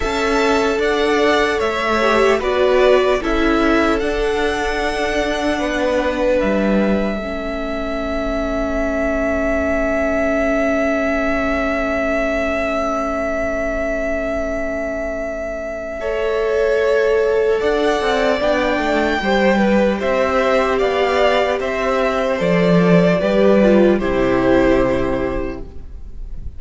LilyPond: <<
  \new Staff \with { instrumentName = "violin" } { \time 4/4 \tempo 4 = 75 a''4 fis''4 e''4 d''4 | e''4 fis''2. | e''1~ | e''1~ |
e''1~ | e''2 fis''4 g''4~ | g''4 e''4 f''4 e''4 | d''2 c''2 | }
  \new Staff \with { instrumentName = "violin" } { \time 4/4 e''4 d''4 cis''4 b'4 | a'2. b'4~ | b'4 a'2.~ | a'1~ |
a'1 | cis''2 d''2 | c''8 b'8 c''4 d''4 c''4~ | c''4 b'4 g'2 | }
  \new Staff \with { instrumentName = "viola" } { \time 4/4 a'2~ a'8 g'8 fis'4 | e'4 d'2.~ | d'4 cis'2.~ | cis'1~ |
cis'1 | a'2. d'4 | g'1 | a'4 g'8 f'8 e'2 | }
  \new Staff \with { instrumentName = "cello" } { \time 4/4 cis'4 d'4 a4 b4 | cis'4 d'2 b4 | g4 a2.~ | a1~ |
a1~ | a2 d'8 c'8 b8 a8 | g4 c'4 b4 c'4 | f4 g4 c2 | }
>>